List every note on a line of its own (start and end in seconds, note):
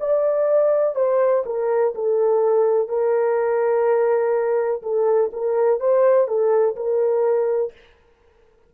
0.00 0.95 D5
0.95 1.44 C5
1.46 1.94 A#4
1.95 2.89 A4
2.89 4.82 A#4
4.83 5.31 A4
5.33 5.80 A#4
5.80 6.28 C5
6.28 6.76 A4
6.77 7.73 A#4